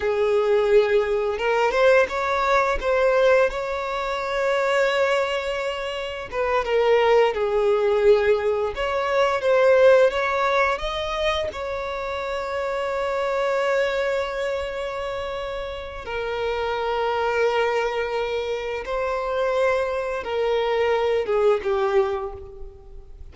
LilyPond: \new Staff \with { instrumentName = "violin" } { \time 4/4 \tempo 4 = 86 gis'2 ais'8 c''8 cis''4 | c''4 cis''2.~ | cis''4 b'8 ais'4 gis'4.~ | gis'8 cis''4 c''4 cis''4 dis''8~ |
dis''8 cis''2.~ cis''8~ | cis''2. ais'4~ | ais'2. c''4~ | c''4 ais'4. gis'8 g'4 | }